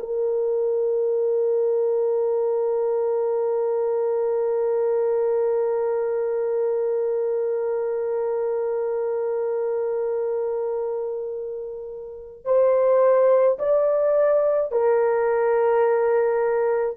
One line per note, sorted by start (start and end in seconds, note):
0.00 12.45 A#4
12.45 13.58 C5
13.59 14.72 D5
14.72 16.98 A#4